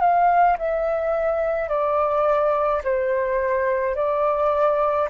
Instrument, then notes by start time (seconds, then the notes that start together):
flute
0.00 F5
0.58 E5
1.68 D5
2.84 C5
3.95 D5